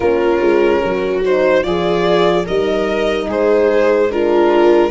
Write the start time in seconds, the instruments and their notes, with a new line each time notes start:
0.00 tuba A#3, horn C#4, viola F4, violin A#4
0.41 tuba G#3
0.82 tuba F#3, viola F#4
1.24 horn D#4, violin C5
1.62 tuba F3, horn F4, viola G#4, violin D5
2.45 tuba G3, horn D#4, viola A#4, violin D#5
3.28 tuba G#3, viola G#4, violin C5
4.10 horn D4, viola F4, violin A#4